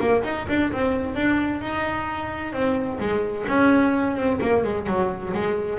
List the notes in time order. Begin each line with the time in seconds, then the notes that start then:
0.00 A#3
0.23 D#4
0.49 D4
0.72 C4
1.15 D4
1.61 D#4
2.53 C4
3.00 G#3
3.48 C#4
4.16 C4
4.41 A#3
4.63 G#3
4.87 F#3
5.34 G#3